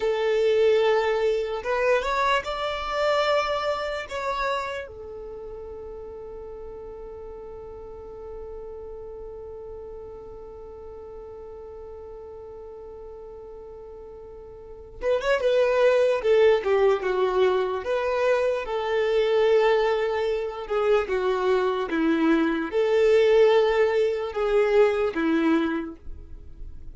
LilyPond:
\new Staff \with { instrumentName = "violin" } { \time 4/4 \tempo 4 = 74 a'2 b'8 cis''8 d''4~ | d''4 cis''4 a'2~ | a'1~ | a'1~ |
a'2~ a'8 b'16 cis''16 b'4 | a'8 g'8 fis'4 b'4 a'4~ | a'4. gis'8 fis'4 e'4 | a'2 gis'4 e'4 | }